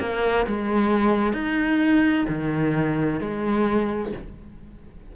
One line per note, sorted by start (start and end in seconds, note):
0.00 0.46 A#3
0.47 1.33 G#3
1.33 2.25 D#4
2.29 3.20 D#3
3.20 4.12 G#3